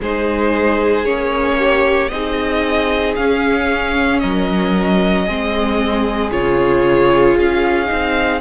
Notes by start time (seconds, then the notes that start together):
0.00 G#3 D#4 G#4 C5
1.05 A#3 C#4 C#5
1.58 G4
2.08 C4 D#4 G#4 D#5
3.15 C#4 F5
4.19 F#3 A#4 D#5
5.26 G#3 C4 G#4
6.31 C#3 F4 C#5
7.36 C#4 F5
7.85 C4 D#4